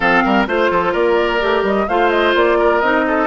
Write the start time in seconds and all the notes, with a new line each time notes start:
0.00 F3 C4 A4 F5
0.23 G3 A#4
0.47 A3 F4 C5
0.70 F3 A4
0.92 A#3 A#4 D5
1.40 A3 G4
1.63 G3 D#5
1.88 A3 F4 C5 F5
2.10 D#5
2.34 A#3 D5
2.58 A#4
2.80 C4 D#4 D#5
3.07 A4